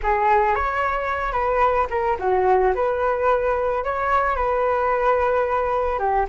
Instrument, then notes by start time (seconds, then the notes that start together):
flute
0.02 G#4
0.55 C#5
1.32 B4
1.90 A#4
2.19 F#4
2.74 B4
3.84 C#5
4.36 B4
5.99 G4